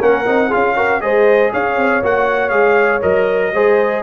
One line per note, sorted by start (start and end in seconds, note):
0.00 0.27 A#3
0.00 0.25 C#4
0.00 0.48 A#4
0.00 0.53 F#5
0.26 0.52 C4
0.26 0.51 D#4
0.48 0.76 F4
0.48 0.73 G#4
0.48 1.01 F5
0.55 1.02 C#4
0.76 1.01 F#4
0.76 1.02 A#4
1.01 1.53 G#3
1.01 2.02 G#4
1.01 1.52 C5
1.01 1.51 D#5
1.52 1.77 C#4
1.52 3.54 C#5
1.52 2.04 F5
1.77 2.02 C4
2.02 2.51 A#3
2.02 2.51 F#4
2.02 2.49 F#5
2.49 3.02 G#3
2.49 3.01 G#4
2.49 3.00 F5
3.02 3.53 F#3
3.02 3.52 A#4
3.02 4.03 D#5
3.53 4.03 G#3
3.53 4.03 G#4
3.53 4.03 C5